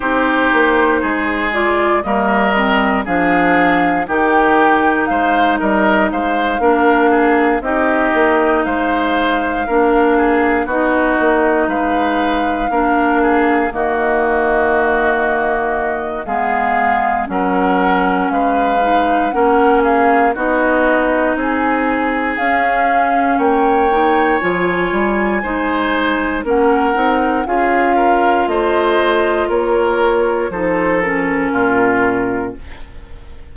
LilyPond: <<
  \new Staff \with { instrumentName = "flute" } { \time 4/4 \tempo 4 = 59 c''4. d''8 dis''4 f''4 | g''4 f''8 dis''8 f''4. dis''8~ | dis''8 f''2 dis''4 f''8~ | f''4. dis''2~ dis''8 |
f''4 fis''4 f''4 fis''8 f''8 | dis''4 gis''4 f''4 g''4 | gis''2 fis''4 f''4 | dis''4 cis''4 c''8 ais'4. | }
  \new Staff \with { instrumentName = "oboe" } { \time 4/4 g'4 gis'4 ais'4 gis'4 | g'4 c''8 ais'8 c''8 ais'8 gis'8 g'8~ | g'8 c''4 ais'8 gis'8 fis'4 b'8~ | b'8 ais'8 gis'8 fis'2~ fis'8 |
gis'4 ais'4 b'4 ais'8 gis'8 | fis'4 gis'2 cis''4~ | cis''4 c''4 ais'4 gis'8 ais'8 | c''4 ais'4 a'4 f'4 | }
  \new Staff \with { instrumentName = "clarinet" } { \time 4/4 dis'4. f'8 ais8 c'8 d'4 | dis'2~ dis'8 d'4 dis'8~ | dis'4. d'4 dis'4.~ | dis'8 d'4 ais2~ ais8 |
b4 cis'4. dis'8 cis'4 | dis'2 cis'4. dis'8 | f'4 dis'4 cis'8 dis'8 f'4~ | f'2 dis'8 cis'4. | }
  \new Staff \with { instrumentName = "bassoon" } { \time 4/4 c'8 ais8 gis4 g4 f4 | dis4 gis8 g8 gis8 ais4 c'8 | ais8 gis4 ais4 b8 ais8 gis8~ | gis8 ais4 dis2~ dis8 |
gis4 fis4 gis4 ais4 | b4 c'4 cis'4 ais4 | f8 g8 gis4 ais8 c'8 cis'4 | a4 ais4 f4 ais,4 | }
>>